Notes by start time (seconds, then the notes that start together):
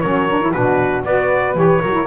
0.00 F#3 C#4 A#4 C#5
0.29 D4
0.40 E4
0.50 B2 D4 F#4 B4
1.04 B3 F#4 B4 D5
1.54 E3 G4 C#5
1.82 F#3 F#4 A#4
1.91 E4